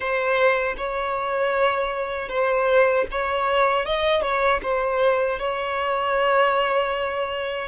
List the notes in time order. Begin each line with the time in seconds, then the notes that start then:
0.00 C5
0.77 C#5
2.28 C5
3.11 C#5
3.85 D#5
4.22 C#5
4.62 C5
5.39 C#5